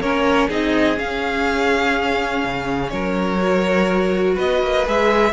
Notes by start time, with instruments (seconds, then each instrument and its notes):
0.00 cello A#3, viola C#4, violin A#4 C#5
0.48 cello C4, viola D#4, violin G#4 D#5
0.95 viola C#4, cello C#4, violin F5
2.44 cello C#3
2.90 cello F#3, violin A#4 C#5
3.40 viola F#4
4.35 cello B3, violin B4 D#5
4.63 cello A#3
4.86 cello G#3, viola G#4, violin E5